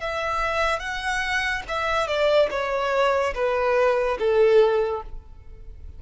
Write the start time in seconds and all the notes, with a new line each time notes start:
0.00 E5
0.79 F#5
1.68 E5
2.07 D5
2.50 C#5
3.34 B4
4.18 A4